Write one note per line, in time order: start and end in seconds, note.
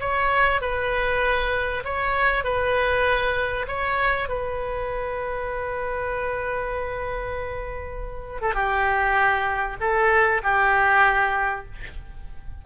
0.00 0.61 C#5
0.61 1.84 B4
1.84 2.44 C#5
2.44 3.67 B4
3.68 4.29 C#5
4.29 8.41 B4
8.41 8.54 A4
8.54 9.77 G4
9.80 10.42 A4
10.43 11.65 G4